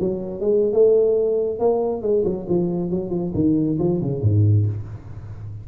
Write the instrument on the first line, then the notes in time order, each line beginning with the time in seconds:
tuba
0.00 F#3
0.41 G#3
0.73 A3
1.60 A#3
2.02 G#3
2.25 F#3
2.49 F3
2.91 F#3
3.11 F3
3.35 D#3
3.79 F3
4.02 C#3
4.22 G#2